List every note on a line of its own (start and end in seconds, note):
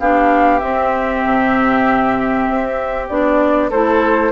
0.00 0.62 B3
0.00 0.61 D4
0.00 3.70 G4
0.00 0.60 F5
0.60 3.08 C4
0.60 1.24 C4
0.60 3.07 E5
1.25 2.48 C3
2.48 3.10 C4
3.09 3.71 B3
3.09 3.72 D4
3.09 3.70 D5
3.70 4.32 A3
3.70 4.32 E4
3.70 4.32 A4
3.70 4.32 C5